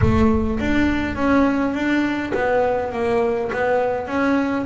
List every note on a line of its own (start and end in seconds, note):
0.01 0.59 A3
0.59 1.15 D4
1.15 1.73 C#4
1.74 2.32 D4
2.34 2.92 B3
2.92 3.50 A#3
3.52 4.07 B3
4.07 4.65 C#4